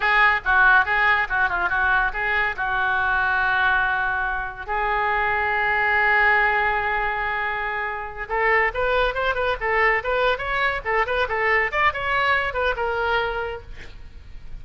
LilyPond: \new Staff \with { instrumentName = "oboe" } { \time 4/4 \tempo 4 = 141 gis'4 fis'4 gis'4 fis'8 f'8 | fis'4 gis'4 fis'2~ | fis'2. gis'4~ | gis'1~ |
gis'2.~ gis'8 a'8~ | a'8 b'4 c''8 b'8 a'4 b'8~ | b'8 cis''4 a'8 b'8 a'4 d''8 | cis''4. b'8 ais'2 | }